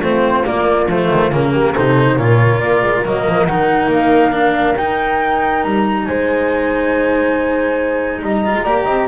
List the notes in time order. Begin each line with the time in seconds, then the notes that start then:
0.00 A3 C4 F4 C5
0.43 A#3 D5
0.88 F3 A3 C5
1.11 D#3
1.32 C#3 A#3 A#4
1.53 G4
1.74 C3 D#4 A4 C5
2.15 A#2 F4 A#4 C#5
2.60 A#3 D5
2.82 G#3
3.05 F#3 A#3 D#5
3.27 F3
3.46 D#3 D#4 F#5
3.87 A#3
3.93 F5
4.32 D4
4.77 D#4 G5
5.63 G3 A#5
6.06 G#3 C5 G#5
8.23 G3 D#5 A#5
8.45 F4
8.54 G#3
8.64 A#3 G4 D5
8.85 C4 D#5